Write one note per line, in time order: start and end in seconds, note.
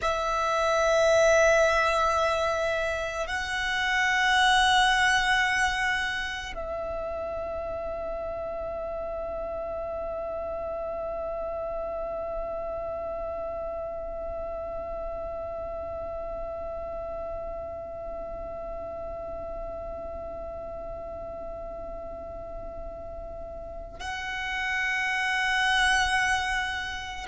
0.01 3.26 E5
3.26 6.54 F#5
6.54 23.99 E5
23.99 27.26 F#5